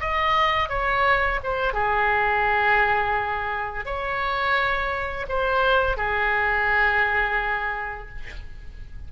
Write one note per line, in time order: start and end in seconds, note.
0.00 0.69 D#5
0.69 1.40 C#5
1.43 1.73 C5
1.73 3.85 G#4
3.85 5.26 C#5
5.28 5.97 C5
5.97 8.09 G#4